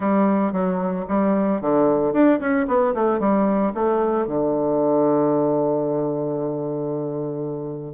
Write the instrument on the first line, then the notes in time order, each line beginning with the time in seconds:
bassoon
0.00 G3
0.52 F#3
1.08 G3
1.61 D3
2.13 D4
2.39 C#4
2.67 B3
2.94 A3
3.19 G3
3.74 A3
4.26 D3